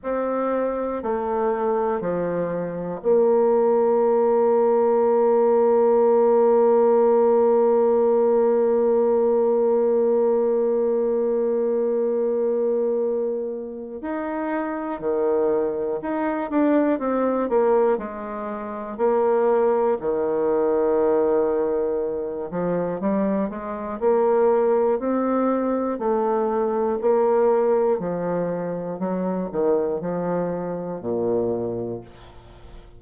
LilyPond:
\new Staff \with { instrumentName = "bassoon" } { \time 4/4 \tempo 4 = 60 c'4 a4 f4 ais4~ | ais1~ | ais1~ | ais2 dis'4 dis4 |
dis'8 d'8 c'8 ais8 gis4 ais4 | dis2~ dis8 f8 g8 gis8 | ais4 c'4 a4 ais4 | f4 fis8 dis8 f4 ais,4 | }